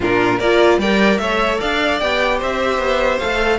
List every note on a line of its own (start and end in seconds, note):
0.00 0.39 A#2
0.00 0.40 D4
0.00 0.37 F4
0.00 0.39 A#4
0.37 0.78 A#3
0.37 0.82 F4
0.37 0.77 A#4
0.37 0.79 D5
0.78 1.18 G3
0.78 1.22 A#4
0.78 1.20 D5
0.78 1.18 G5
1.18 1.58 A3
1.18 2.02 A4
1.18 1.60 C#5
1.18 1.58 E5
1.60 2.02 D4
1.60 2.37 D5
1.60 1.99 F5
1.99 2.42 B3
1.99 3.21 G4
1.99 2.39 G5
2.37 2.78 C4
2.37 3.57 C5
2.37 3.18 E5
2.78 3.18 B3
3.18 3.59 A3
3.18 3.59 A4
3.18 3.58 F5